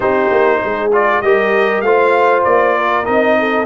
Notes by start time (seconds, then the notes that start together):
0.00 C4 D#4 G4 C5
0.30 A#3
0.62 G#3 G#4
0.92 F4 D5
1.21 G3 G4 A#4 D#5
1.81 A3 F4 C5 F5
2.44 A#3 D5
2.76 A#4
3.04 C4 D#4 D#5
3.39 A4